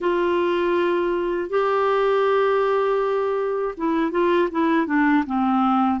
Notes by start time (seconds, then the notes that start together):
0.00 F4
1.49 G4
3.77 E4
4.11 F4
4.51 E4
4.86 D4
5.26 C4